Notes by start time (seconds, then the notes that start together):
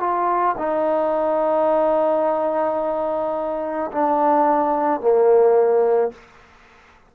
0.00 F4
0.58 D#4
3.92 D4
5.01 A#3